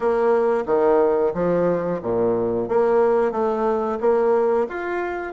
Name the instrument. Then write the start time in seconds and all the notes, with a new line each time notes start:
bassoon
0.00 A#3
0.66 D#3
1.33 F3
2.02 A#2
2.68 A#3
3.31 A3
4.00 A#3
4.68 F4